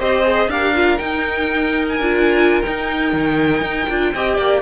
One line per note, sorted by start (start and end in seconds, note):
0.00 0.48 C4
0.00 0.23 G4
0.00 0.50 C5
0.00 0.51 D#5
0.23 0.48 G#4
0.48 0.98 D4
0.48 0.75 G4
0.48 4.14 A#4
0.48 0.99 F5
0.75 0.99 F4
0.99 1.99 D#4
0.99 2.00 D#4
0.99 1.86 G5
1.89 2.62 G#5
2.00 2.62 D4
2.00 2.65 F4
2.62 3.90 D#4
2.62 3.13 D#4
2.62 4.62 G5
3.13 3.62 D#3
3.62 3.87 D#4
3.90 4.15 D4
3.90 4.15 F4
4.14 4.38 C4
4.14 4.62 G4
4.14 4.36 D#5
4.36 4.62 A#3
4.36 4.61 D5